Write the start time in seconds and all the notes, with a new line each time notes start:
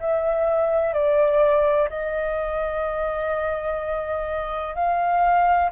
0.00 E5
0.94 D5
1.90 D#5
4.75 F5